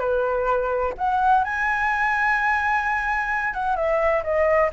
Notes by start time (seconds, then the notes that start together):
0.00 B4
0.98 F#5
1.44 G#5
3.54 F#5
3.76 E5
4.24 D#5